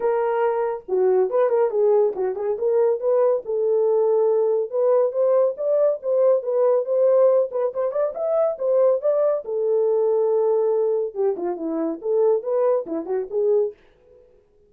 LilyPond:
\new Staff \with { instrumentName = "horn" } { \time 4/4 \tempo 4 = 140 ais'2 fis'4 b'8 ais'8 | gis'4 fis'8 gis'8 ais'4 b'4 | a'2. b'4 | c''4 d''4 c''4 b'4 |
c''4. b'8 c''8 d''8 e''4 | c''4 d''4 a'2~ | a'2 g'8 f'8 e'4 | a'4 b'4 e'8 fis'8 gis'4 | }